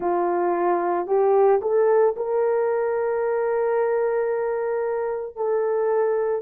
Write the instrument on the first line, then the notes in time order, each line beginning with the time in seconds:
horn
0.00 F4
1.06 G4
1.61 A4
2.16 A#4
5.36 A4